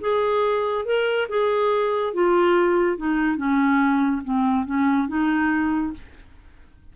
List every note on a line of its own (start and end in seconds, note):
0.00 0.85 G#4
0.85 1.27 A#4
1.29 2.13 G#4
2.13 2.97 F4
2.97 3.37 D#4
3.37 4.22 C#4
4.24 4.65 C4
4.65 5.08 C#4
5.08 5.93 D#4